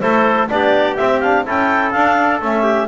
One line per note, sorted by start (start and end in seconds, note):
0.00 0.50 A3
0.00 0.49 E4
0.00 0.50 A4
0.00 0.48 C5
0.50 0.99 B3
0.50 0.98 D4
0.50 1.46 G4
0.50 0.97 D5
0.97 1.22 C4
0.97 1.47 C4
0.97 1.20 E5
1.20 1.46 D4
1.20 1.44 F5
1.46 1.95 C#4
1.46 1.93 E4
1.46 2.63 A4
1.46 1.92 G5
1.92 2.41 D4
1.92 2.42 D4
1.92 2.39 F5
2.42 2.88 A3
2.42 2.88 C#4
2.42 2.88 E5
2.63 2.87 G4